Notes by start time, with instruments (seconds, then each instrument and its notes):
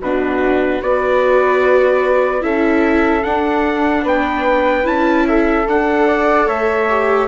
0.00 bassoon B2, viola D4, flute F#4, trumpet B4
0.82 bassoon B3, viola F#4, flute B4, trumpet D5
2.41 bassoon C#4, viola E4, flute A4, trumpet E5
3.23 viola D4, bassoon D4, trumpet F#5
4.03 bassoon B3, flute B4, trumpet G5
4.84 bassoon C#4, viola E4, trumpet A5
5.28 flute A4, trumpet E5
5.68 bassoon D4, viola A4, trumpet F#5
6.07 flute D5
6.47 bassoon A3, flute C#5, trumpet E5
6.89 viola G4